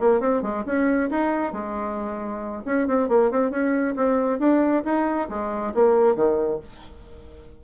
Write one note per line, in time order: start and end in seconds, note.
0.00 0.20 A#3
0.20 0.42 C4
0.42 0.64 G#3
0.66 1.10 C#4
1.10 1.52 D#4
1.52 2.63 G#3
2.65 2.87 C#4
2.87 3.09 C4
3.09 3.31 A#3
3.31 3.51 C4
3.51 3.95 C#4
3.96 4.39 C4
4.39 4.83 D4
4.84 5.29 D#4
5.29 5.73 G#3
5.74 6.15 A#3
6.15 6.59 D#3